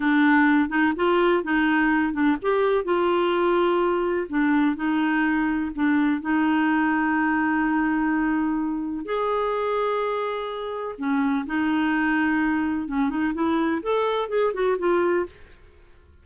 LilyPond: \new Staff \with { instrumentName = "clarinet" } { \time 4/4 \tempo 4 = 126 d'4. dis'8 f'4 dis'4~ | dis'8 d'8 g'4 f'2~ | f'4 d'4 dis'2 | d'4 dis'2.~ |
dis'2. gis'4~ | gis'2. cis'4 | dis'2. cis'8 dis'8 | e'4 a'4 gis'8 fis'8 f'4 | }